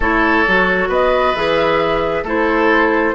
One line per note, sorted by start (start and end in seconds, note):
0.00 0.45 A3
0.00 0.46 E4
0.00 0.88 A4
0.00 0.91 C#5
0.47 0.88 F#3
0.47 1.35 F#4
0.88 1.33 B3
0.88 2.24 B4
0.88 1.35 D#5
1.35 2.23 E3
1.35 2.25 G#4
1.35 2.25 E5
2.23 3.13 A3
2.23 3.15 E4
2.23 3.14 A4
2.23 3.15 C5